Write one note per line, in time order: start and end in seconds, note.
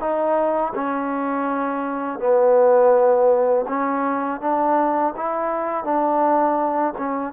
0.00 0.73 D#4
0.75 2.20 C#4
2.20 3.66 B3
3.69 4.41 C#4
4.41 5.14 D4
5.16 5.84 E4
5.84 6.94 D4
6.98 7.33 C#4